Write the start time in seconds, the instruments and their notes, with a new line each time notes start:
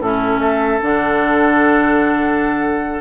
0.00 bassoon A2, clarinet C#4, oboe E4, flute A4
0.39 bassoon A3, oboe A4, flute E5
0.82 bassoon D3, clarinet D4, flute F#5